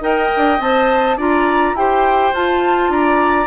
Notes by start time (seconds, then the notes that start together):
0.00 D#4 A#4 D#5 G5
0.36 D4
0.59 C4 C5 A5
1.17 D4 F4 D5 A#5
1.73 E4 G4 C5 G5
2.33 F4 A5
2.89 D4 D5 A#5